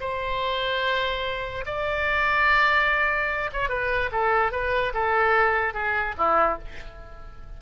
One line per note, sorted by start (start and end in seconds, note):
0.00 1.64 C5
1.66 3.50 D5
3.52 3.69 C#5
3.69 4.10 B4
4.12 4.52 A4
4.52 4.93 B4
4.94 5.74 A4
5.74 6.15 G#4
6.17 6.58 E4